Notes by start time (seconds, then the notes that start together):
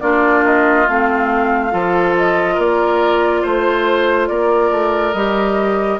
0.00 A#3 D4 F4 D5
0.44 D#5
0.87 A3 C4 F5
1.70 F3 F4 A4
2.17 D#5
2.54 A#3 A#4 D5
3.42 A3 C5
4.27 A#3 A#4 D5
4.70 A3
5.13 G3 G4 D#5